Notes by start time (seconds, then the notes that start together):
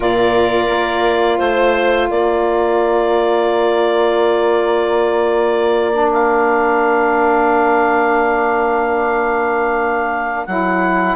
0.00 A#2 F4 A#4 D5
0.69 A#3
1.38 A3 C5
2.08 A#3 A#4 D5
5.92 D4
6.12 F5
10.46 F#3 E4 F#5